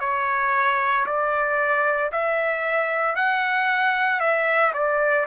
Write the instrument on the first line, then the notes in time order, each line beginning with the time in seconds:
trumpet
0.00 C#5
1.06 D5
2.12 E5
3.16 F#5
4.20 E5
4.74 D5